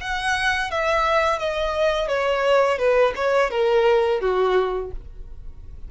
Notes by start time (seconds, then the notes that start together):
0.00 F#5
0.71 E5
1.38 D#5
2.08 C#5
2.78 B4
3.15 C#5
3.50 A#4
4.20 F#4